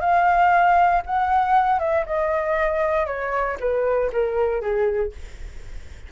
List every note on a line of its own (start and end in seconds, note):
0.00 1.02 F5
1.06 1.79 F#5
1.79 2.05 E5
2.06 3.06 D#5
3.06 3.57 C#5
3.60 4.11 B4
4.12 4.61 A#4
4.61 5.12 G#4